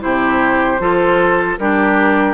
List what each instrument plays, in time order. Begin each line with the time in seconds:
0.00 bassoon C3, clarinet E4, oboe G4, flute C5
0.79 bassoon F3, clarinet F4, oboe A4
1.59 bassoon G3, clarinet D4, oboe G4, flute A#4